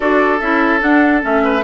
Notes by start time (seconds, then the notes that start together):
0.00 D4 F#4 A4 D5
0.40 C#4 E4 E5
0.80 D4 F#5
1.22 A3 C#4 E5
1.43 B4